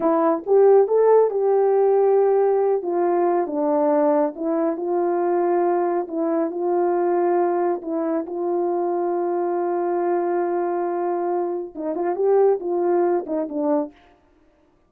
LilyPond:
\new Staff \with { instrumentName = "horn" } { \time 4/4 \tempo 4 = 138 e'4 g'4 a'4 g'4~ | g'2~ g'8 f'4. | d'2 e'4 f'4~ | f'2 e'4 f'4~ |
f'2 e'4 f'4~ | f'1~ | f'2. dis'8 f'8 | g'4 f'4. dis'8 d'4 | }